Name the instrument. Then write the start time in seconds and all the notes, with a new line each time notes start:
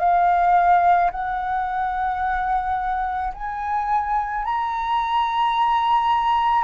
flute
0.00 F5
1.11 F#5
3.34 G#5
4.45 A#5